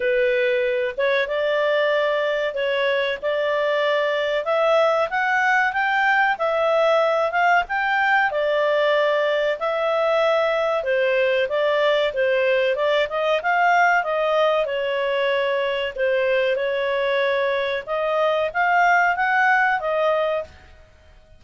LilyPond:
\new Staff \with { instrumentName = "clarinet" } { \time 4/4 \tempo 4 = 94 b'4. cis''8 d''2 | cis''4 d''2 e''4 | fis''4 g''4 e''4. f''8 | g''4 d''2 e''4~ |
e''4 c''4 d''4 c''4 | d''8 dis''8 f''4 dis''4 cis''4~ | cis''4 c''4 cis''2 | dis''4 f''4 fis''4 dis''4 | }